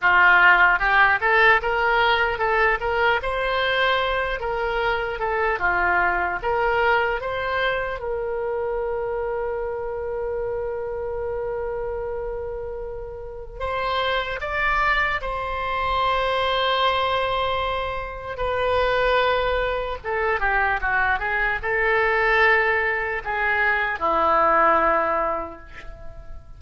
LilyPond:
\new Staff \with { instrumentName = "oboe" } { \time 4/4 \tempo 4 = 75 f'4 g'8 a'8 ais'4 a'8 ais'8 | c''4. ais'4 a'8 f'4 | ais'4 c''4 ais'2~ | ais'1~ |
ais'4 c''4 d''4 c''4~ | c''2. b'4~ | b'4 a'8 g'8 fis'8 gis'8 a'4~ | a'4 gis'4 e'2 | }